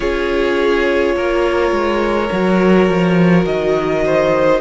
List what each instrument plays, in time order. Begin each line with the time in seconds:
0.00 cello C#4, viola F4, violin G#4 C#5
1.15 cello A#3, violin A#4
1.71 cello G#3
2.32 cello F#3, viola F#4
2.89 cello F3
3.45 cello D#3, violin D#5
4.05 violin C5